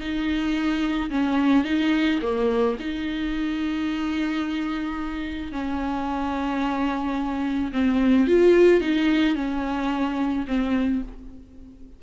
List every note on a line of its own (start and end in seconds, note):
0.00 1.10 D#4
1.11 1.64 C#4
1.64 2.19 D#4
2.22 2.77 A#3
2.80 5.52 D#4
5.52 7.72 C#4
7.72 8.27 C4
8.27 8.81 F4
8.81 9.35 D#4
9.35 10.46 C#4
10.47 11.02 C4